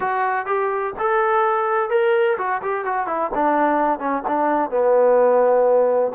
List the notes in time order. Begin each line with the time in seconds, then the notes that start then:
0.00 F#4
0.46 G4
0.99 A4
1.90 A#4
2.38 F#4
2.62 G4
2.85 F#4
3.06 E4
3.34 D4
3.99 C#4
4.27 D4
4.70 B3